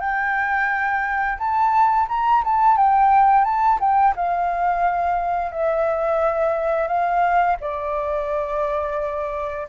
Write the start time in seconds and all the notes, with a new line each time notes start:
0.00 G5
1.39 A5
2.09 A#5
2.45 A5
2.77 G5
3.45 A5
3.80 G5
4.16 F5
5.52 E5
6.88 F5
7.61 D5